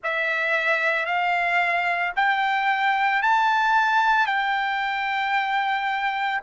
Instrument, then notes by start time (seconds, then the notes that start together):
trumpet
0.03 E5
1.05 F5
2.15 G5
3.22 A5
4.26 G5